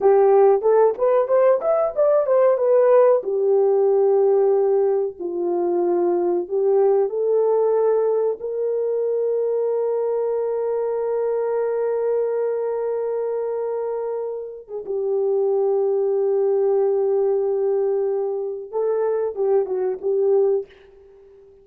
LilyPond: \new Staff \with { instrumentName = "horn" } { \time 4/4 \tempo 4 = 93 g'4 a'8 b'8 c''8 e''8 d''8 c''8 | b'4 g'2. | f'2 g'4 a'4~ | a'4 ais'2.~ |
ais'1~ | ais'2~ ais'8. gis'16 g'4~ | g'1~ | g'4 a'4 g'8 fis'8 g'4 | }